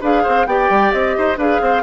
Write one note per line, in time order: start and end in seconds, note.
0.00 0.25 D4
0.00 0.47 G#4
0.00 0.22 B4
0.00 0.46 F5
0.22 0.46 C4
0.22 0.45 C5
0.46 0.69 B3
0.46 1.37 G4
0.46 1.16 D5
0.46 0.91 G5
0.69 0.92 G3
0.91 1.16 C4
0.91 1.37 D#5
1.17 1.37 D#4
1.17 1.37 C5
1.37 1.60 D4
1.37 1.82 G#4
1.37 1.60 B4
1.37 1.82 F5
1.60 1.82 C4
1.60 1.82 C5